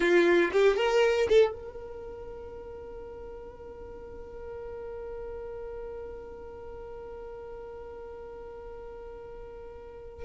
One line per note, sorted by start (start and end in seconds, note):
0.00 0.50 F4
0.52 0.76 G4
0.76 1.27 A#4
1.29 1.52 A4
1.52 10.24 A#4